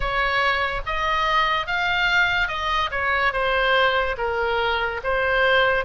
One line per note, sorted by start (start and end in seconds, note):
0.00 0.81 C#5
0.86 1.66 D#5
1.66 2.48 F5
2.48 2.89 D#5
2.91 3.33 C#5
3.33 4.16 C5
4.17 5.00 A#4
5.03 5.84 C5